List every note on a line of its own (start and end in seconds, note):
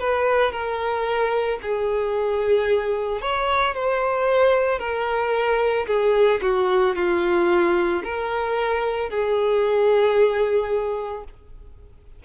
0.00 0.52 B4
0.52 1.59 A#4
1.63 3.21 G#4
3.21 3.75 C#5
3.75 4.79 C5
4.79 5.86 A#4
5.87 6.40 G#4
6.42 6.95 F#4
6.95 8.03 F4
8.04 9.10 A#4
9.10 11.24 G#4